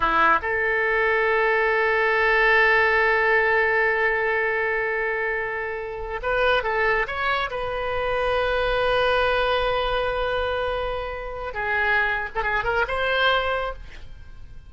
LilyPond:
\new Staff \with { instrumentName = "oboe" } { \time 4/4 \tempo 4 = 140 e'4 a'2.~ | a'1~ | a'1~ | a'2~ a'8 b'4 a'8~ |
a'8 cis''4 b'2~ b'8~ | b'1~ | b'2. gis'4~ | gis'8. a'16 gis'8 ais'8 c''2 | }